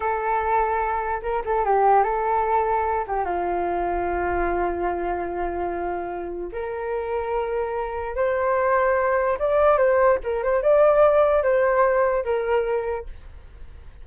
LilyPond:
\new Staff \with { instrumentName = "flute" } { \time 4/4 \tempo 4 = 147 a'2. ais'8 a'8 | g'4 a'2~ a'8 g'8 | f'1~ | f'1 |
ais'1 | c''2. d''4 | c''4 ais'8 c''8 d''2 | c''2 ais'2 | }